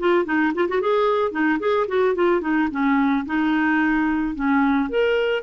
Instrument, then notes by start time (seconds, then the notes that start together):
clarinet
0.00 F4
0.26 D#4
0.55 F4
0.69 F#4
0.82 G#4
1.32 D#4
1.60 G#4
1.88 F#4
2.15 F4
2.42 D#4
2.71 C#4
3.26 D#4
4.36 C#4
4.90 A#4